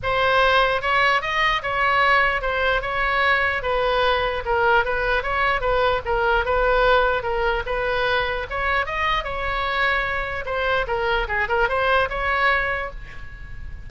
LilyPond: \new Staff \with { instrumentName = "oboe" } { \time 4/4 \tempo 4 = 149 c''2 cis''4 dis''4 | cis''2 c''4 cis''4~ | cis''4 b'2 ais'4 | b'4 cis''4 b'4 ais'4 |
b'2 ais'4 b'4~ | b'4 cis''4 dis''4 cis''4~ | cis''2 c''4 ais'4 | gis'8 ais'8 c''4 cis''2 | }